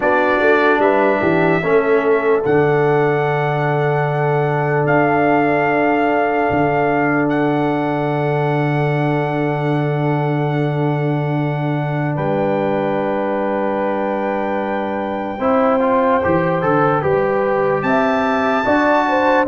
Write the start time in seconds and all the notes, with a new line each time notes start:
0.00 B3 D4 F#4 D5
0.39 A3
0.79 G3 B4 E5
1.21 E3 G4
1.62 A3 C#4 A4
2.44 D3 D4 F#5
4.86 D4 F5
6.50 D3
7.29 F#5
12.15 G3 B4 G5
15.38 C4 E4 C5
15.80 F4
16.23 E3 G4
16.61 D3 A4
17.01 G3 G4 B4
17.82 C4 E5 A5
18.65 D4 F#4 D5
19.08 C5